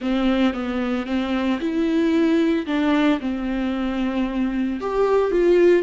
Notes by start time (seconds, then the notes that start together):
0.01 C4
0.53 B3
1.06 C4
1.59 E4
2.66 D4
3.20 C4
4.80 G4
5.31 F4